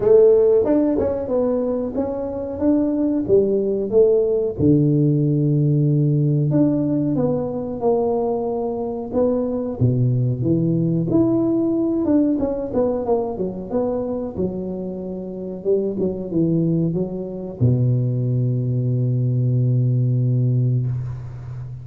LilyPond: \new Staff \with { instrumentName = "tuba" } { \time 4/4 \tempo 4 = 92 a4 d'8 cis'8 b4 cis'4 | d'4 g4 a4 d4~ | d2 d'4 b4 | ais2 b4 b,4 |
e4 e'4. d'8 cis'8 b8 | ais8 fis8 b4 fis2 | g8 fis8 e4 fis4 b,4~ | b,1 | }